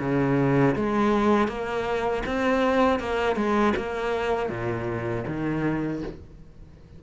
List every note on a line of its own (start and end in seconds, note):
0.00 0.75 C#3
0.75 1.48 G#3
1.48 2.23 A#3
2.26 3.00 C4
3.00 3.36 A#3
3.36 3.73 G#3
3.76 4.49 A#3
4.49 5.24 A#2
5.27 6.02 D#3